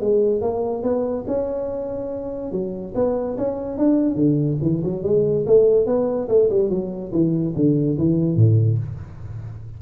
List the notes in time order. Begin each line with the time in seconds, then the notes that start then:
0.00 G#3
0.41 A#3
0.82 B3
1.27 C#4
2.51 F#3
2.94 B3
3.37 C#4
3.77 D4
4.15 D3
4.62 E3
4.84 F#3
5.03 G#3
5.46 A3
5.86 B3
6.28 A3
6.49 G3
6.69 F#3
7.12 E3
7.55 D3
7.98 E3
8.36 A2